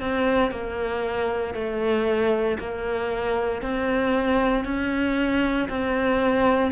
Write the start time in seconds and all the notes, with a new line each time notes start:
0.00 C4
0.51 A#3
1.54 A3
2.59 A#3
3.62 C4
4.65 C#4
5.69 C4